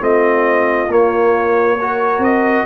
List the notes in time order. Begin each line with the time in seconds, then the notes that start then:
0.00 A3 C4 F4 D#5
0.88 A#3 C#5
1.79 F#4 A#4
2.19 C4 D#5